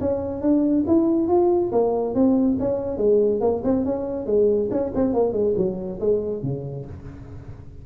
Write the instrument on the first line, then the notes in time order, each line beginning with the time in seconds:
tuba
0.00 C#4
0.41 D4
0.87 E4
1.28 F4
1.71 A#3
2.14 C4
2.59 C#4
2.97 G#3
3.40 A#3
3.64 C4
3.85 C#4
4.26 G#3
4.71 C#4
4.95 C4
5.13 A#3
5.32 G#3
5.57 F#3
6.00 G#3
6.42 C#3